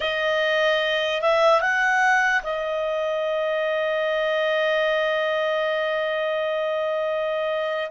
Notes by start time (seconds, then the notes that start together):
0.00 D#5
1.21 E5
1.61 F#5
2.43 D#5